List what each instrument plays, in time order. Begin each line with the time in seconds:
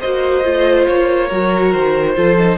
0.00 cello A#3, viola F#4, violin C5 D#5
0.44 cello A3, viola F4
0.87 cello A#3, violin C#5
1.27 cello F#3, viola F#4, violin A#4
1.72 cello D#3, violin C5
2.14 cello F3, viola F4, violin A4
2.38 viola D#4